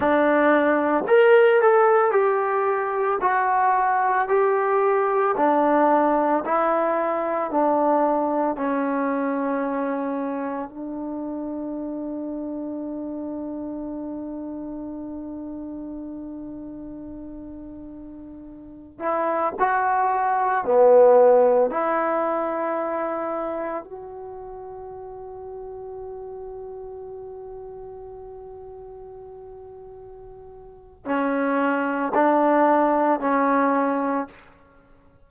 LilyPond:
\new Staff \with { instrumentName = "trombone" } { \time 4/4 \tempo 4 = 56 d'4 ais'8 a'8 g'4 fis'4 | g'4 d'4 e'4 d'4 | cis'2 d'2~ | d'1~ |
d'4.~ d'16 e'8 fis'4 b8.~ | b16 e'2 fis'4.~ fis'16~ | fis'1~ | fis'4 cis'4 d'4 cis'4 | }